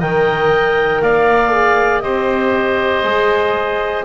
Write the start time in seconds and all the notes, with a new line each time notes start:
0.00 D#3 A#4 D#5 G5
1.02 A#3 D5 F5
1.52 G#4
2.01 C4 G4 C5 D#5
3.04 G#3 G#4